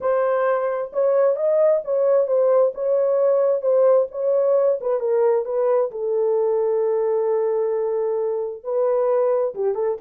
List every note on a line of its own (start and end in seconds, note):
0.00 0.91 C5
0.92 1.36 C#5
1.36 1.81 D#5
1.84 2.27 C#5
2.27 2.72 C5
2.74 3.61 C#5
3.61 4.07 C5
4.11 4.79 C#5
4.80 5.00 B4
5.00 5.45 A#4
5.45 5.90 B4
5.91 8.63 A4
8.63 9.54 B4
9.54 9.75 G4
9.75 9.97 A4